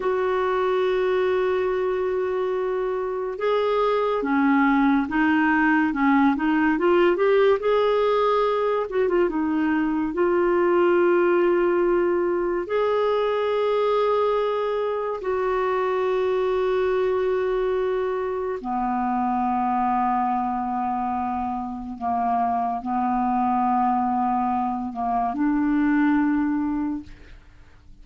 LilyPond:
\new Staff \with { instrumentName = "clarinet" } { \time 4/4 \tempo 4 = 71 fis'1 | gis'4 cis'4 dis'4 cis'8 dis'8 | f'8 g'8 gis'4. fis'16 f'16 dis'4 | f'2. gis'4~ |
gis'2 fis'2~ | fis'2 b2~ | b2 ais4 b4~ | b4. ais8 d'2 | }